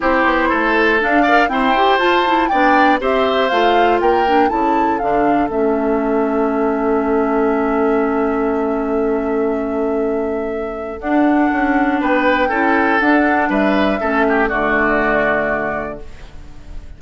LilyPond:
<<
  \new Staff \with { instrumentName = "flute" } { \time 4/4 \tempo 4 = 120 c''2 f''4 g''4 | a''4 g''4 e''4 f''4 | g''4 a''4 f''4 e''4~ | e''1~ |
e''1~ | e''2 fis''2 | g''2 fis''4 e''4~ | e''4 d''2. | }
  \new Staff \with { instrumentName = "oboe" } { \time 4/4 g'4 a'4. d''8 c''4~ | c''4 d''4 c''2 | ais'4 a'2.~ | a'1~ |
a'1~ | a'1 | b'4 a'2 b'4 | a'8 g'8 fis'2. | }
  \new Staff \with { instrumentName = "clarinet" } { \time 4/4 e'2 d'8 ais'8 c'8 g'8 | f'8 e'8 d'4 g'4 f'4~ | f'8 d'8 e'4 d'4 cis'4~ | cis'1~ |
cis'1~ | cis'2 d'2~ | d'4 e'4 d'2 | cis'4 a2. | }
  \new Staff \with { instrumentName = "bassoon" } { \time 4/4 c'8 b8 a4 d'4 e'4 | f'4 b4 c'4 a4 | ais4 cis4 d4 a4~ | a1~ |
a1~ | a2 d'4 cis'4 | b4 cis'4 d'4 g4 | a4 d2. | }
>>